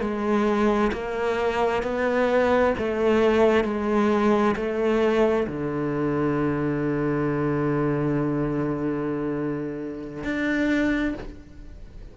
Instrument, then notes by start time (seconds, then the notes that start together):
cello
0.00 G#3
0.93 A#3
1.83 B3
2.78 A3
3.64 G#3
4.56 A3
5.47 D3
10.23 D4